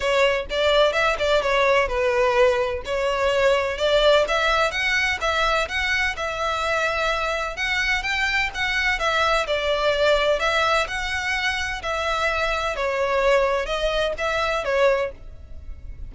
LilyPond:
\new Staff \with { instrumentName = "violin" } { \time 4/4 \tempo 4 = 127 cis''4 d''4 e''8 d''8 cis''4 | b'2 cis''2 | d''4 e''4 fis''4 e''4 | fis''4 e''2. |
fis''4 g''4 fis''4 e''4 | d''2 e''4 fis''4~ | fis''4 e''2 cis''4~ | cis''4 dis''4 e''4 cis''4 | }